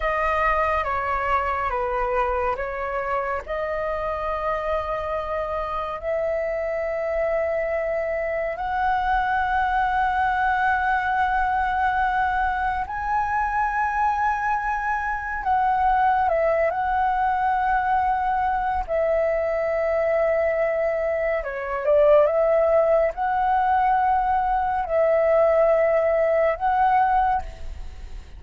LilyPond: \new Staff \with { instrumentName = "flute" } { \time 4/4 \tempo 4 = 70 dis''4 cis''4 b'4 cis''4 | dis''2. e''4~ | e''2 fis''2~ | fis''2. gis''4~ |
gis''2 fis''4 e''8 fis''8~ | fis''2 e''2~ | e''4 cis''8 d''8 e''4 fis''4~ | fis''4 e''2 fis''4 | }